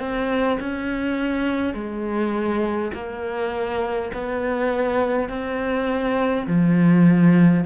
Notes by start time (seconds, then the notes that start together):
0.00 C4
0.60 C#4
1.74 G#3
2.94 A#3
4.14 B3
5.29 C4
6.47 F3